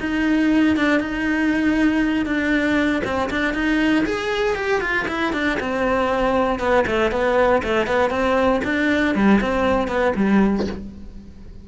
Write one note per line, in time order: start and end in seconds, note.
0.00 0.76 D#4
0.76 1.00 D4
1.00 2.26 D#4
2.26 3.02 D4
3.04 3.30 C4
3.30 3.54 D4
3.54 4.04 D#4
4.05 4.56 G#4
4.56 4.81 G4
4.81 5.06 F4
5.08 5.33 E4
5.33 5.58 D4
5.60 6.59 C4
6.59 6.85 B3
6.86 7.11 A3
7.11 7.62 B3
7.63 7.87 A3
7.87 8.10 B3
8.10 8.61 C4
8.64 9.15 D4
9.15 9.40 G3
9.41 9.88 C4
9.88 10.13 B3
10.16 10.66 G3